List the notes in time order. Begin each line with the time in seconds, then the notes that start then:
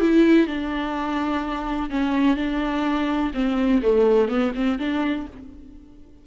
0.00 E4
0.47 D4
1.90 C#4
2.36 D4
3.34 C4
3.82 A3
4.28 B3
4.55 C4
4.79 D4